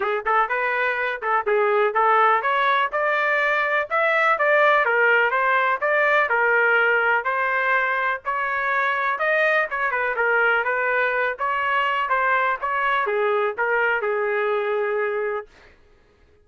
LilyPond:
\new Staff \with { instrumentName = "trumpet" } { \time 4/4 \tempo 4 = 124 gis'8 a'8 b'4. a'8 gis'4 | a'4 cis''4 d''2 | e''4 d''4 ais'4 c''4 | d''4 ais'2 c''4~ |
c''4 cis''2 dis''4 | cis''8 b'8 ais'4 b'4. cis''8~ | cis''4 c''4 cis''4 gis'4 | ais'4 gis'2. | }